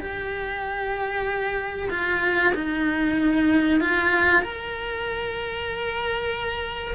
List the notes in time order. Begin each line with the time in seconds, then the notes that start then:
0.00 G4
1.90 F4
2.55 D#4
3.81 F4
4.43 A#4